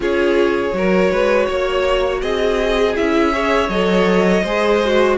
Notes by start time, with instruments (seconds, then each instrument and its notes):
0.00 cello C#4, viola F4, violin G#4 C#5
0.73 cello F#3, viola F#4, violin A#4
1.11 cello G#3, violin B4
1.46 cello A#3, violin C#5
2.21 cello C4, violin G#4 D#5
2.95 cello C#4, viola E4, violin E5
3.32 viola G#4, violin C#5
3.68 cello F#3, viola A4, violin D#5
4.43 cello G#3, viola G#4, violin C5
4.85 viola F#4